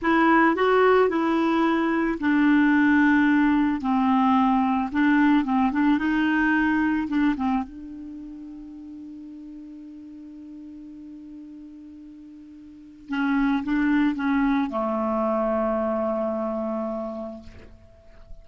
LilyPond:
\new Staff \with { instrumentName = "clarinet" } { \time 4/4 \tempo 4 = 110 e'4 fis'4 e'2 | d'2. c'4~ | c'4 d'4 c'8 d'8 dis'4~ | dis'4 d'8 c'8 d'2~ |
d'1~ | d'1 | cis'4 d'4 cis'4 a4~ | a1 | }